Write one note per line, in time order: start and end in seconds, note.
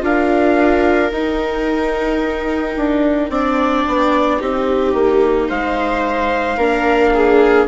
0.00 1.12 D4
0.00 1.09 F4
0.00 3.31 A#4
0.00 1.13 F5
1.12 2.76 D#4
1.12 3.31 D#4
1.12 5.49 G5
2.76 3.30 D4
3.30 3.84 C4
3.30 4.40 D4
3.30 4.40 D5
3.87 4.41 B3
4.40 4.94 C4
4.40 6.58 D#4
4.40 5.48 G4
4.94 5.49 A#3
5.48 6.57 G#3
5.48 6.57 C5
5.48 7.67 F5
6.57 7.66 A#3
6.57 7.67 D4
6.57 7.12 A#4
7.14 7.67 G#4